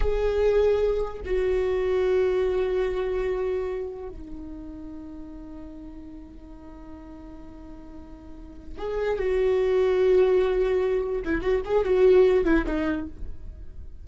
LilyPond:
\new Staff \with { instrumentName = "viola" } { \time 4/4 \tempo 4 = 147 gis'2. fis'4~ | fis'1~ | fis'2 dis'2~ | dis'1~ |
dis'1~ | dis'4. gis'4 fis'4.~ | fis'2.~ fis'8 e'8 | fis'8 gis'8 fis'4. e'8 dis'4 | }